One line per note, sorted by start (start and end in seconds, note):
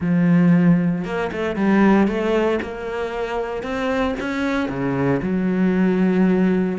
0.00 1.04 F3
1.04 1.30 A#3
1.32 1.56 A3
1.56 2.07 G3
2.07 2.59 A3
2.61 3.62 A#3
3.62 4.15 C4
4.20 4.68 C#4
4.68 5.21 C#3
5.22 6.78 F#3